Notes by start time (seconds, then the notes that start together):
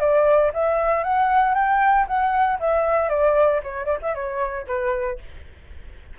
0.00 D5
0.54 E5
1.04 F#5
1.55 G5
2.08 F#5
2.60 E5
3.10 D5
3.63 C#5
3.86 D5
4.03 E5
4.15 C#5
4.67 B4